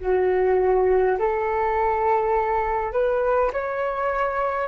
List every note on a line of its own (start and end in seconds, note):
0.00 1.18 F#4
1.19 2.93 A4
2.93 3.51 B4
3.53 4.68 C#5